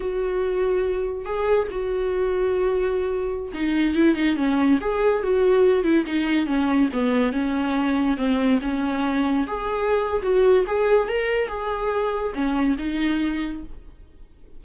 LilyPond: \new Staff \with { instrumentName = "viola" } { \time 4/4 \tempo 4 = 141 fis'2. gis'4 | fis'1~ | fis'16 dis'4 e'8 dis'8 cis'4 gis'8.~ | gis'16 fis'4. e'8 dis'4 cis'8.~ |
cis'16 b4 cis'2 c'8.~ | c'16 cis'2 gis'4.~ gis'16 | fis'4 gis'4 ais'4 gis'4~ | gis'4 cis'4 dis'2 | }